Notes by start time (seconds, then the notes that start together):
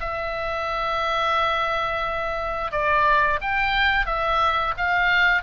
0.00 E5
2.71 D5
3.41 G5
4.06 E5
4.77 F5